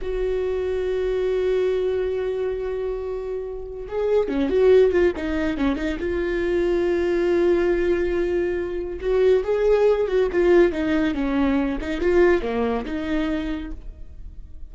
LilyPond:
\new Staff \with { instrumentName = "viola" } { \time 4/4 \tempo 4 = 140 fis'1~ | fis'1~ | fis'4 gis'4 cis'8 fis'4 f'8 | dis'4 cis'8 dis'8 f'2~ |
f'1~ | f'4 fis'4 gis'4. fis'8 | f'4 dis'4 cis'4. dis'8 | f'4 ais4 dis'2 | }